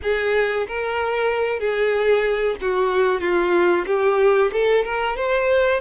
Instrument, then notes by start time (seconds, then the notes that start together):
violin
0.02 G#4
0.67 A#4
1.59 G#4
2.61 F#4
3.20 F4
3.86 G4
4.52 A4
4.84 A#4
5.16 C5